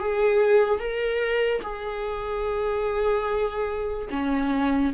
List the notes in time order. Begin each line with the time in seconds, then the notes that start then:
0.00 G#4
0.80 A#4
1.62 G#4
4.11 C#4